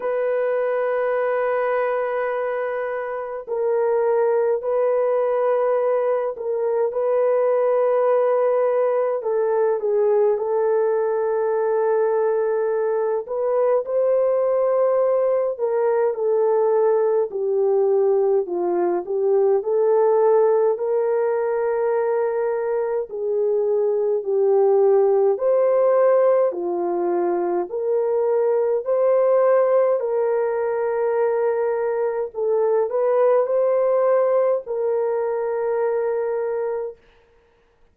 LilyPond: \new Staff \with { instrumentName = "horn" } { \time 4/4 \tempo 4 = 52 b'2. ais'4 | b'4. ais'8 b'2 | a'8 gis'8 a'2~ a'8 b'8 | c''4. ais'8 a'4 g'4 |
f'8 g'8 a'4 ais'2 | gis'4 g'4 c''4 f'4 | ais'4 c''4 ais'2 | a'8 b'8 c''4 ais'2 | }